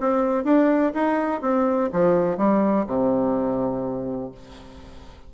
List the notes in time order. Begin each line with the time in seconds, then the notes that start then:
0.00 C4
0.44 D4
0.94 D#4
1.41 C4
1.92 F3
2.37 G3
2.86 C3